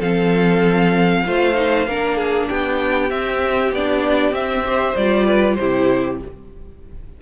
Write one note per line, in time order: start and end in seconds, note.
0.00 1.24 F3
0.00 1.25 C4
0.00 1.24 A4
0.00 2.49 F5
1.26 1.88 A3
1.26 1.55 F4
1.26 1.88 C5
1.55 1.85 D#4
1.88 2.49 A#3
1.88 3.11 D4
1.88 2.17 A#4
2.17 2.48 G#4
2.49 3.11 B3
2.49 4.65 G4
2.49 3.10 G5
3.10 3.73 C4
3.10 3.72 C4
3.10 3.72 E5
3.72 4.32 B3
3.72 4.34 D4
3.72 4.34 D5
4.32 4.94 C4
4.32 4.64 C4
4.32 4.96 E5
4.65 4.95 G4
4.65 5.26 C5
4.96 5.58 G3
4.96 5.60 F4
4.96 5.55 D5
5.26 5.57 B4
5.55 6.22 C3
5.55 6.22 E4
5.55 6.21 G4
5.55 6.17 C5